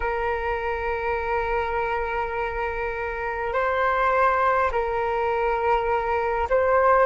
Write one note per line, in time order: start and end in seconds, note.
0.00 3.53 A#4
3.53 4.71 C5
4.71 6.48 A#4
6.49 7.06 C5